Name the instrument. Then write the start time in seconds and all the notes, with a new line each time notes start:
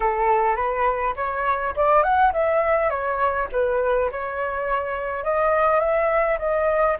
flute
0.00 A4
0.56 B4
1.16 C#5
1.76 D5
2.03 F#5
2.32 E5
2.89 C#5
3.52 B4
4.11 C#5
5.24 D#5
5.80 E5
6.38 D#5